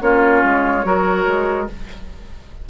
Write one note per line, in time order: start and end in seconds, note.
0.00 0.43 A#3
0.00 0.83 C#4
0.00 0.86 F4
0.00 1.68 C#5
0.44 0.85 G#3
0.84 1.26 F#3
0.84 1.67 F#4
0.84 1.70 A#4
1.27 1.69 G#3